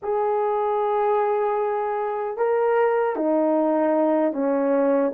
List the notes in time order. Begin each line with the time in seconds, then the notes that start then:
0.02 G#4
2.37 A#4
3.15 D#4
4.32 C#4